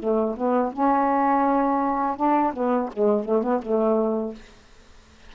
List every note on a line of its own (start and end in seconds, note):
0.00 0.36 A3
0.37 0.73 B3
0.73 2.17 C#4
2.17 2.53 D4
2.54 2.90 B3
2.93 3.25 G#3
3.25 3.43 A3
3.43 3.61 B3
3.63 4.35 A3